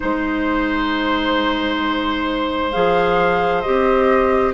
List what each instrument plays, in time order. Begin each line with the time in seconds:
0.00 bassoon G#3, clarinet D#4, flute C5, oboe C5
2.72 bassoon F3, clarinet G#4, flute F5
3.61 bassoon C4, clarinet G4, flute D#5